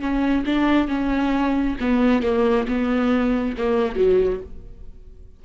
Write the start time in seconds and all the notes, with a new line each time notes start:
0.00 C#4
0.46 D4
0.88 C#4
1.80 B3
2.23 A#3
2.68 B3
3.58 A#3
3.96 F#3